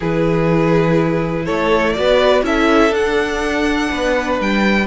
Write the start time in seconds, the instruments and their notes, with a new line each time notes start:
0.00 cello E3, viola E4, violin G#4 B4
1.45 cello A3, violin A4 C#5
1.93 cello B3, viola F#4, violin B4 D5
2.43 cello C#4, viola E4, violin A4 E5
2.91 cello D4, viola D4, violin F#5
3.91 cello B3, violin B4
4.40 cello G3, violin G5